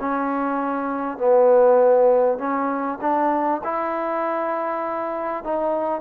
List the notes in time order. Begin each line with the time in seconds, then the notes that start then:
0.00 C#4
1.18 B3
2.38 C#4
3.01 D4
3.64 E4
5.44 D#4